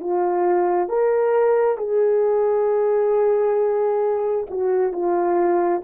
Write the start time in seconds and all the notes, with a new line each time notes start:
0.00 F4
0.88 A#4
1.77 G#4
4.50 F#4
4.92 F4